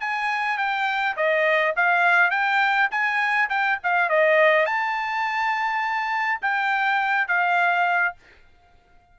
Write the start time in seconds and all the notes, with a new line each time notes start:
0.00 G#5
0.58 G5
1.17 D#5
1.76 F5
2.31 G5
2.91 G#5
3.50 G5
3.83 F5
4.09 D#5
4.66 A5
6.42 G5
7.28 F5